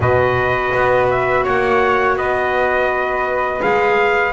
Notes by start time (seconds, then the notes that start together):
0.00 B2 F#4 B4 D#5
0.73 B3
1.10 E5
1.44 A#3 C#5 F#5
2.16 B3 B4 D#5
3.61 G#3 G#4 F5